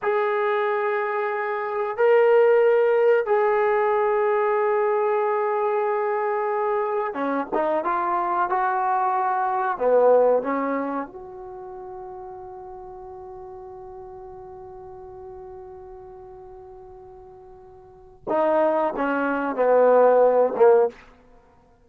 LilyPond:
\new Staff \with { instrumentName = "trombone" } { \time 4/4 \tempo 4 = 92 gis'2. ais'4~ | ais'4 gis'2.~ | gis'2. cis'8 dis'8 | f'4 fis'2 b4 |
cis'4 fis'2.~ | fis'1~ | fis'1 | dis'4 cis'4 b4. ais8 | }